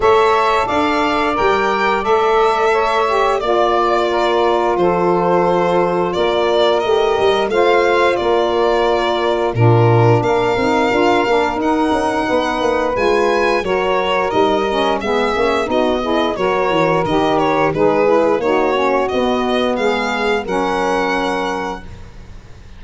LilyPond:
<<
  \new Staff \with { instrumentName = "violin" } { \time 4/4 \tempo 4 = 88 e''4 f''4 g''4 e''4~ | e''4 d''2 c''4~ | c''4 d''4 dis''4 f''4 | d''2 ais'4 f''4~ |
f''4 fis''2 gis''4 | cis''4 dis''4 e''4 dis''4 | cis''4 dis''8 cis''8 b'4 cis''4 | dis''4 f''4 fis''2 | }
  \new Staff \with { instrumentName = "saxophone" } { \time 4/4 cis''4 d''2. | cis''4 d''4 ais'4 a'4~ | a'4 ais'2 c''4 | ais'2 f'4 ais'4~ |
ais'2 b'2 | ais'2 gis'4 fis'8 gis'8 | ais'2 gis'4 fis'4~ | fis'4 gis'4 ais'2 | }
  \new Staff \with { instrumentName = "saxophone" } { \time 4/4 a'2 ais'4 a'4~ | a'8 g'8 f'2.~ | f'2 g'4 f'4~ | f'2 d'4. dis'8 |
f'8 d'8 dis'2 f'4 | fis'4 dis'8 cis'8 b8 cis'8 dis'8 e'8 | fis'4 g'4 dis'8 e'8 dis'8 cis'8 | b2 cis'2 | }
  \new Staff \with { instrumentName = "tuba" } { \time 4/4 a4 d'4 g4 a4~ | a4 ais2 f4~ | f4 ais4 a8 g8 a4 | ais2 ais,4 ais8 c'8 |
d'8 ais8 dis'8 cis'8 b8 ais8 gis4 | fis4 g4 gis8 ais8 b4 | fis8 e8 dis4 gis4 ais4 | b4 gis4 fis2 | }
>>